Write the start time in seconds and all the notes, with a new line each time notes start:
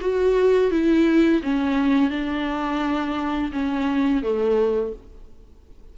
0.00 F#4
0.71 E4
1.42 C#4
2.10 D4
3.52 C#4
4.22 A3